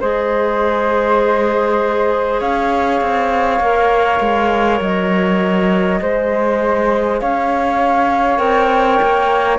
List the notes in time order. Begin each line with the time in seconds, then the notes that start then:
0.00 G#3 G#4 C5 D#5
2.40 C#4 C#5 F5
3.00 C4
3.59 A#3 A#4
4.20 G#3
4.80 F#3 D#5
6.00 G#3 G#4 C5
7.19 C#4 C#5 F5
8.36 C4 A#4 G5
9.02 A#3